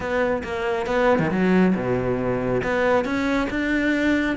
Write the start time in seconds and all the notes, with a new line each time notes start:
0.00 B3
0.43 A#3
0.86 B3
1.19 D#3
1.30 F#3
1.75 B2
2.63 B3
3.04 C#4
3.50 D4